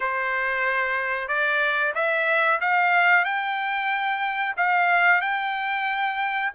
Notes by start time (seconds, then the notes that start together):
0.00 C5
1.27 D5
1.94 E5
2.61 F5
3.24 G5
4.57 F5
5.21 G5